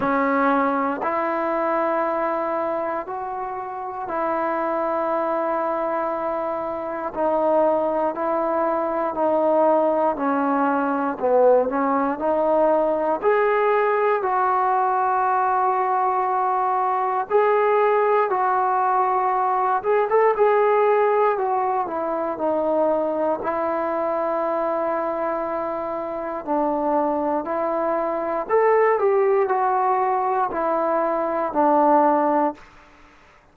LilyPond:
\new Staff \with { instrumentName = "trombone" } { \time 4/4 \tempo 4 = 59 cis'4 e'2 fis'4 | e'2. dis'4 | e'4 dis'4 cis'4 b8 cis'8 | dis'4 gis'4 fis'2~ |
fis'4 gis'4 fis'4. gis'16 a'16 | gis'4 fis'8 e'8 dis'4 e'4~ | e'2 d'4 e'4 | a'8 g'8 fis'4 e'4 d'4 | }